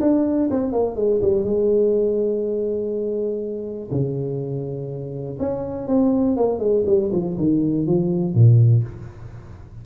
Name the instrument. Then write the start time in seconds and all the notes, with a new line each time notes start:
tuba
0.00 D4
0.51 C4
0.72 A#3
0.95 G#3
1.21 G3
1.44 G#3
3.91 C#3
5.39 C#4
5.87 C4
6.36 A#3
6.59 G#3
6.86 G3
7.12 F3
7.37 D#3
7.86 F3
8.34 A#2